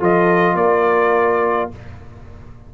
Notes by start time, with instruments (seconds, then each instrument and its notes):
0.00 tuba F3, trombone F4, horn A4, trumpet D#5
0.55 tuba A#3, horn A#4, trumpet D5